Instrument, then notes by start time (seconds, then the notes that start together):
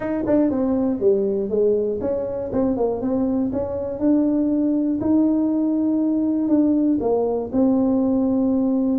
tuba
0.00 D#4
0.26 D4
0.50 C4
1.00 G3
1.49 G#3
2.00 C#4
2.52 C4
2.77 A#3
3.01 C4
3.52 C#4
3.99 D4
5.00 D#4
6.48 D4
7.00 A#3
7.52 C4